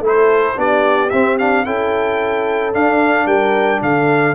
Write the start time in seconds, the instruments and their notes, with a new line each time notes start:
0.00 tuba A3, trombone E4, horn A4
0.07 trumpet C5
0.56 tuba B3, trombone D4, horn G4, trumpet D5
1.10 tuba C4, trombone C4, trumpet E5
1.39 trombone D4, trumpet F5
1.65 tuba C#4, trombone E4, horn A4, trumpet G5
2.73 trombone D4, tuba D4, trumpet F5
3.26 tuba G3, horn A#4, trumpet G5
3.82 tuba D3, horn A4, trumpet F5